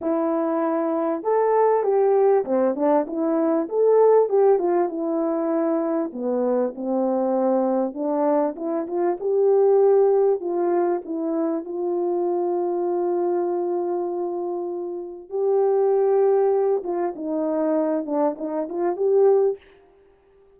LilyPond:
\new Staff \with { instrumentName = "horn" } { \time 4/4 \tempo 4 = 98 e'2 a'4 g'4 | c'8 d'8 e'4 a'4 g'8 f'8 | e'2 b4 c'4~ | c'4 d'4 e'8 f'8 g'4~ |
g'4 f'4 e'4 f'4~ | f'1~ | f'4 g'2~ g'8 f'8 | dis'4. d'8 dis'8 f'8 g'4 | }